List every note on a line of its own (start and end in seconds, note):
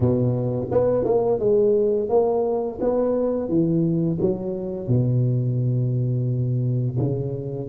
0.00 0.68 B2
0.71 1.04 B3
1.04 1.39 A#3
1.39 2.09 G#3
2.09 2.79 A#3
2.80 3.48 B3
3.48 4.18 E3
4.20 4.87 F#3
4.87 6.97 B2
6.99 7.68 C#3